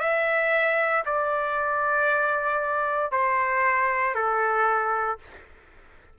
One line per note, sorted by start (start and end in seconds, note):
0.00 1.03 E5
1.05 3.12 D5
3.12 4.15 C5
4.15 5.18 A4